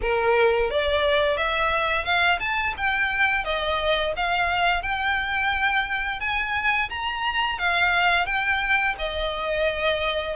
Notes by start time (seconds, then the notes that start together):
0.01 A#4
0.70 D5
1.37 E5
2.04 F5
2.39 A5
2.77 G5
3.44 D#5
4.16 F5
4.82 G5
6.20 G#5
6.89 A#5
7.58 F5
8.25 G5
8.98 D#5